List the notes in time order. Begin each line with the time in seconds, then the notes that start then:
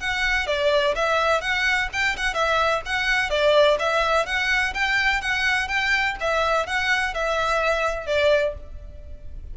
0.00 F#5
0.47 D5
0.95 E5
1.41 F#5
1.93 G5
2.17 F#5
2.34 E5
2.86 F#5
3.30 D5
3.79 E5
4.26 F#5
4.74 G5
5.21 F#5
5.68 G5
6.21 E5
6.66 F#5
7.14 E5
8.06 D5